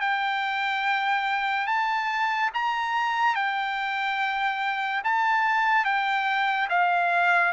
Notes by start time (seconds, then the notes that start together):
0.00 G5
1.67 A5
2.54 A#5
3.35 G5
5.04 A5
5.84 G5
6.70 F5